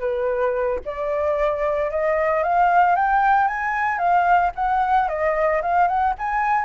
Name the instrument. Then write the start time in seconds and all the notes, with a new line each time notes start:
flute
0.00 B4
0.86 D5
1.91 D#5
2.44 F5
2.96 G5
3.48 G#5
3.99 F5
4.56 F#5
5.09 D#5
5.63 F5
5.88 F#5
6.19 G#5